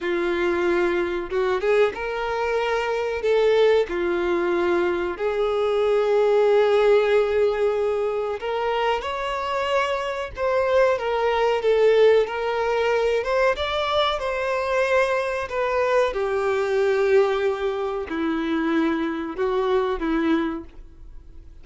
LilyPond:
\new Staff \with { instrumentName = "violin" } { \time 4/4 \tempo 4 = 93 f'2 fis'8 gis'8 ais'4~ | ais'4 a'4 f'2 | gis'1~ | gis'4 ais'4 cis''2 |
c''4 ais'4 a'4 ais'4~ | ais'8 c''8 d''4 c''2 | b'4 g'2. | e'2 fis'4 e'4 | }